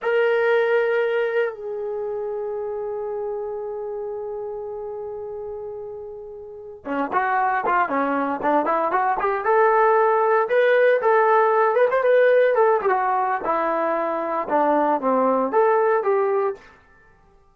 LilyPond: \new Staff \with { instrumentName = "trombone" } { \time 4/4 \tempo 4 = 116 ais'2. gis'4~ | gis'1~ | gis'1~ | gis'4~ gis'16 cis'8 fis'4 f'8 cis'8.~ |
cis'16 d'8 e'8 fis'8 g'8 a'4.~ a'16~ | a'16 b'4 a'4. b'16 c''16 b'8.~ | b'16 a'8 g'16 fis'4 e'2 | d'4 c'4 a'4 g'4 | }